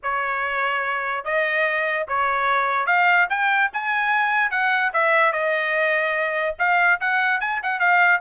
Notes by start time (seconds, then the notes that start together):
0.02 C#5
1.24 D#5
2.08 C#5
2.86 F5
3.29 G5
3.73 G#5
4.51 F#5
4.93 E5
5.32 D#5
6.58 F5
7.00 F#5
7.40 G#5
7.62 F#5
7.79 F5